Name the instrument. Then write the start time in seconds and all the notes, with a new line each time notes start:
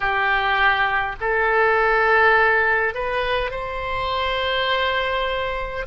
oboe
0.00 G4
1.20 A4
2.94 B4
3.50 C5